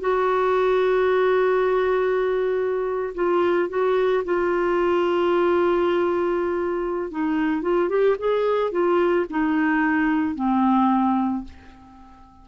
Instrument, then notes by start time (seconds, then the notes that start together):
clarinet
0.00 F#4
3.14 F4
3.69 F#4
4.24 F4
7.11 D#4
7.62 F4
7.89 G4
8.18 G#4
8.71 F4
9.30 D#4
10.35 C4